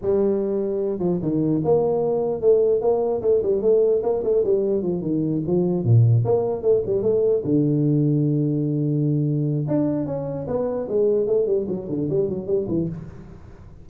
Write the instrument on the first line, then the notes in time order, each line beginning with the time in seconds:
tuba
0.01 G3
0.99 F3
1.22 D#3
1.64 A#3
2.41 A3
2.81 A#3
3.21 A3
3.42 G3
3.61 A3
4.02 A#3
4.23 A3
4.43 G3
4.82 F3
5.01 D#3
5.46 F3
5.84 A#2
6.24 A#3
6.61 A3
6.86 G3
7.02 A3
7.44 D3
9.68 D4
10.06 C#4
10.47 B3
10.88 G#3
11.26 A3
11.46 G3
11.68 F#3
11.88 D3
12.09 G3
12.29 F#3
12.46 G3
12.68 E3